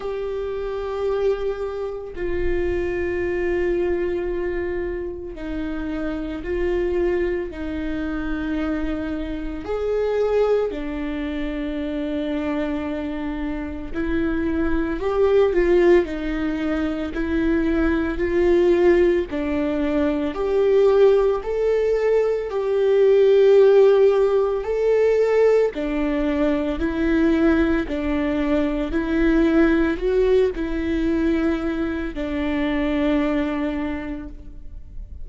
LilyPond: \new Staff \with { instrumentName = "viola" } { \time 4/4 \tempo 4 = 56 g'2 f'2~ | f'4 dis'4 f'4 dis'4~ | dis'4 gis'4 d'2~ | d'4 e'4 g'8 f'8 dis'4 |
e'4 f'4 d'4 g'4 | a'4 g'2 a'4 | d'4 e'4 d'4 e'4 | fis'8 e'4. d'2 | }